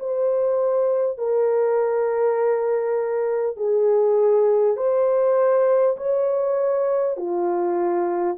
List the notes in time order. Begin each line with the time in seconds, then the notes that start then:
0.00 C5
1.18 A#4
3.57 G#4
4.77 C5
5.97 C#5
7.17 F4